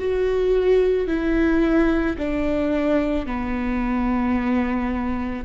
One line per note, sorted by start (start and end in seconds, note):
0.00 1.08 F#4
1.08 2.17 E4
2.18 3.26 D4
3.26 5.44 B3